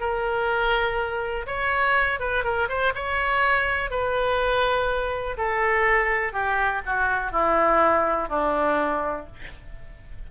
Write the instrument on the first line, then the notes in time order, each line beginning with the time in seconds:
oboe
0.00 A#4
1.46 C#5
2.20 B4
2.44 A#4
2.69 C5
2.95 C#5
3.91 B4
5.37 A4
6.33 G4
6.86 F#4
7.32 E4
8.29 D4